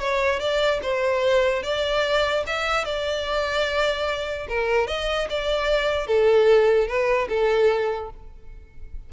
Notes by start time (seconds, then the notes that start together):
0.00 C#5
0.40 D5
0.83 C5
1.63 D5
2.47 E5
2.85 D5
4.49 A#4
4.88 D#5
5.30 D5
6.07 A4
6.88 B4
7.29 A4